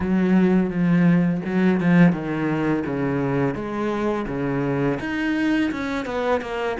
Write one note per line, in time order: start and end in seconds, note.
0.00 0.69 F#3
0.69 1.41 F3
1.44 1.80 F#3
1.80 2.12 F3
2.12 2.83 D#3
2.85 3.54 C#3
3.54 4.26 G#3
4.27 4.98 C#3
5.00 5.71 D#4
5.71 6.05 C#4
6.05 6.41 B3
6.41 6.77 A#3